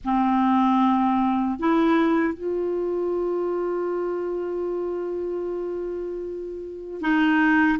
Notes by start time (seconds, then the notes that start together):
0.04 C4
1.59 E4
2.34 F4
7.01 D#4